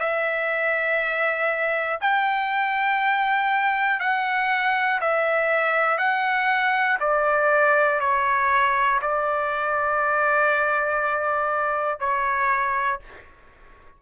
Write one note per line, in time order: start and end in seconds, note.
0.00 2.00 E5
2.00 4.00 G5
4.00 5.00 F#5
5.00 5.98 E5
5.98 6.98 F#5
7.00 8.00 D5
8.00 9.00 C#5
9.02 12.00 D5
12.00 13.00 C#5